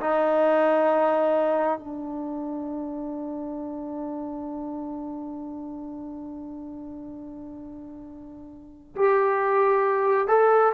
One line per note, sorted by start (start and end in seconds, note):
0.00 1.78 D#4
1.78 8.95 D4
8.95 10.27 G4
10.27 10.72 A4